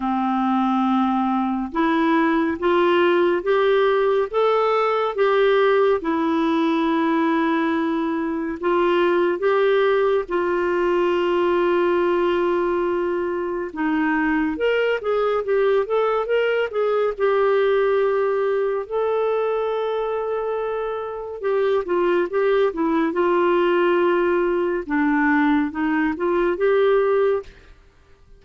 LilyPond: \new Staff \with { instrumentName = "clarinet" } { \time 4/4 \tempo 4 = 70 c'2 e'4 f'4 | g'4 a'4 g'4 e'4~ | e'2 f'4 g'4 | f'1 |
dis'4 ais'8 gis'8 g'8 a'8 ais'8 gis'8 | g'2 a'2~ | a'4 g'8 f'8 g'8 e'8 f'4~ | f'4 d'4 dis'8 f'8 g'4 | }